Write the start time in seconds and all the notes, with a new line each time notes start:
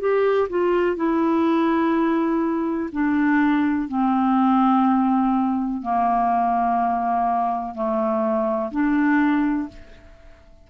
0.00 G4
0.50 F4
0.97 E4
2.93 D4
3.88 C4
5.82 A#3
7.75 A3
8.72 D4